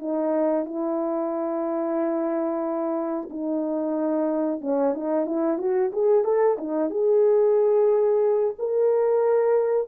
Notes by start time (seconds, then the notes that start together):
0.00 D#4
0.66 E4
3.30 D#4
4.62 C#4
4.95 D#4
5.27 E4
5.59 F#4
5.93 G#4
6.25 A4
6.58 D#4
6.91 G#4
8.59 A#4